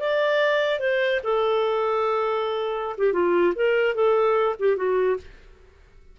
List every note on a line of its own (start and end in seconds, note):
0.00 0.80 D5
0.80 1.21 C5
1.24 2.96 A4
2.98 3.13 G4
3.13 3.54 F4
3.55 3.95 A#4
3.95 4.56 A4
4.59 4.77 G4
4.77 5.17 F#4